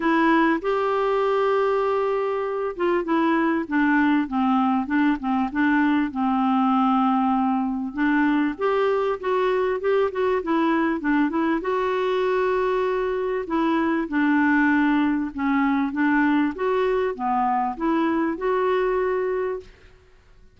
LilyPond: \new Staff \with { instrumentName = "clarinet" } { \time 4/4 \tempo 4 = 98 e'4 g'2.~ | g'8 f'8 e'4 d'4 c'4 | d'8 c'8 d'4 c'2~ | c'4 d'4 g'4 fis'4 |
g'8 fis'8 e'4 d'8 e'8 fis'4~ | fis'2 e'4 d'4~ | d'4 cis'4 d'4 fis'4 | b4 e'4 fis'2 | }